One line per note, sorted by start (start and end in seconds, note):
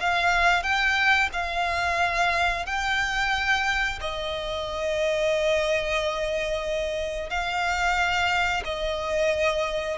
0.00 0.63 F5
0.63 1.30 G5
1.33 2.66 F5
2.66 3.99 G5
4.01 7.30 D#5
7.30 8.63 F5
8.65 9.98 D#5